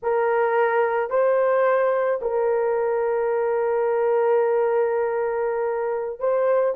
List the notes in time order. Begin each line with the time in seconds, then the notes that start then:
0.02 A#4
1.09 C5
2.21 A#4
6.19 C5